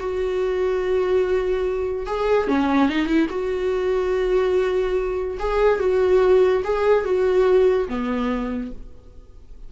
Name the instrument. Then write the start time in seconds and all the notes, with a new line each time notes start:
viola
0.00 F#4
2.07 G#4
2.48 C#4
2.90 D#4
3.07 E4
3.30 F#4
5.39 G#4
5.80 F#4
6.64 G#4
7.05 F#4
7.88 B3